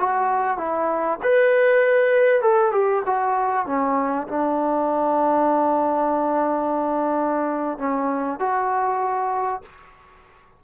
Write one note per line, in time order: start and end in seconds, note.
0.00 0.58 F#4
0.58 1.19 E4
1.23 2.42 B4
2.42 2.72 A4
2.72 3.03 G4
3.06 3.67 F#4
3.67 4.28 C#4
4.28 7.79 D4
7.79 8.40 C#4
8.40 9.62 F#4